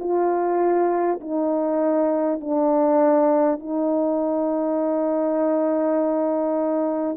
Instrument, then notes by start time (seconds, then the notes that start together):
horn
0.00 F4
1.21 D#4
2.41 D4
3.60 D#4